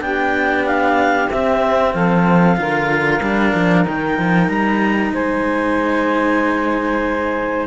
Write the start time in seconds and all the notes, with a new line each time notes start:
0.00 B3 D4 G4 G5
0.66 F5
1.30 C4 E5
1.94 F3 A4 F5
2.56 D3 F4 A#4
3.21 G3 D4
3.54 F3
3.85 D#3 D#4 G5
4.18 F3
4.48 G3 A#5
5.13 G#3 C5 G#5